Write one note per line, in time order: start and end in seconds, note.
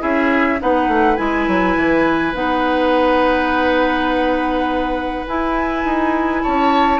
0.00 0.61 C#4
0.00 0.58 E4
0.00 0.60 G#4
0.00 0.61 E5
0.60 0.88 B3
0.60 1.17 D#4
0.60 6.43 B4
0.60 1.17 F#5
0.88 1.17 A3
1.17 1.48 G#3
1.17 2.33 E4
1.17 2.33 G#5
1.48 1.77 F#3
1.77 2.34 E3
2.34 5.25 B3
2.34 5.26 D#4
2.34 5.26 F#5
5.27 7.00 E4
5.27 5.85 E4
5.27 6.44 G#5
5.85 6.43 D#4
6.43 7.00 C#4
6.43 7.00 C#5
6.43 7.00 A5